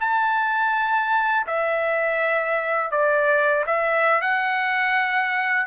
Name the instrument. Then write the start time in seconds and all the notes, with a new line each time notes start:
trumpet
0.00 A5
1.47 E5
2.91 D5
3.67 E5
4.21 F#5